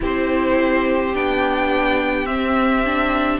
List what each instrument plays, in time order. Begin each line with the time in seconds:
0.00 cello C4, viola E4, violin G4 C5
1.13 cello B3, viola D4, violin G5
2.25 cello C4, viola C4, violin E5
2.84 viola D4